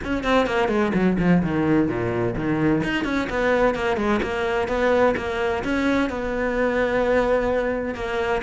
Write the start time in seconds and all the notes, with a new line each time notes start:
0.03 C#4
0.23 C4
0.46 A#3
0.68 G#3
0.94 F#3
1.18 F3
1.43 D#3
1.88 A#2
2.35 D#3
2.83 D#4
3.04 C#4
3.29 B3
3.74 A#3
3.97 G#3
4.22 A#3
4.67 B3
5.16 A#3
5.64 C#4
6.09 B3
7.94 A#3